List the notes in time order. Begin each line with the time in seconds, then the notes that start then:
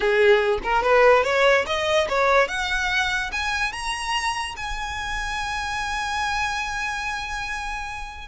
0.00 G#4
0.63 A#4
0.82 B4
1.23 C#5
1.66 D#5
2.09 C#5
2.48 F#5
3.32 G#5
3.72 A#5
4.56 G#5